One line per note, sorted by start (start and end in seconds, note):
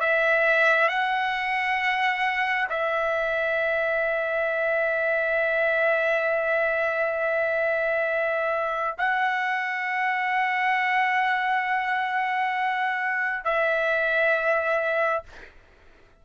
0.00 0.89 E5
0.89 2.68 F#5
2.70 8.97 E5
8.98 13.45 F#5
13.45 15.24 E5